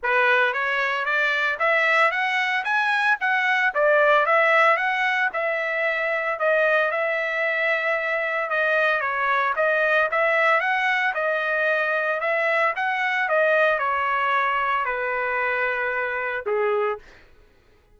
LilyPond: \new Staff \with { instrumentName = "trumpet" } { \time 4/4 \tempo 4 = 113 b'4 cis''4 d''4 e''4 | fis''4 gis''4 fis''4 d''4 | e''4 fis''4 e''2 | dis''4 e''2. |
dis''4 cis''4 dis''4 e''4 | fis''4 dis''2 e''4 | fis''4 dis''4 cis''2 | b'2. gis'4 | }